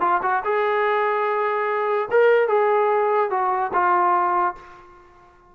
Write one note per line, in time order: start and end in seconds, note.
0.00 0.21 F4
0.22 0.43 F#4
0.44 2.09 G#4
2.11 2.48 A#4
2.48 3.30 G#4
3.30 3.71 F#4
3.73 4.55 F4